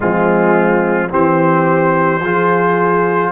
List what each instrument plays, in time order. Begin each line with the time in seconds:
0.00 tuba F3, trombone G#3, horn C4, trumpet F4
1.09 tuba E3, trombone C4, horn G4, trumpet C5
2.20 tuba F3, trombone F4, horn G#4